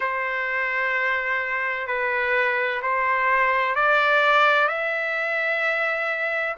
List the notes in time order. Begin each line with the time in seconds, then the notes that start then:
0.00 C5
1.87 B4
2.82 C5
3.75 D5
4.67 E5